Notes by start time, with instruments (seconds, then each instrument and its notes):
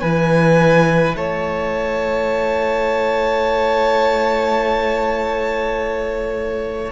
0.00 cello E3, viola E4, violin B4 G#5
1.16 cello A3, violin C#5 A5